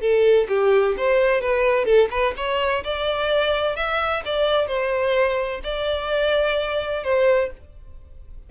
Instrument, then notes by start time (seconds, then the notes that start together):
violin
0.00 A4
0.48 G4
0.97 C5
1.41 B4
1.85 A4
2.10 B4
2.37 C#5
2.84 D5
3.76 E5
4.25 D5
4.67 C5
5.63 D5
7.03 C5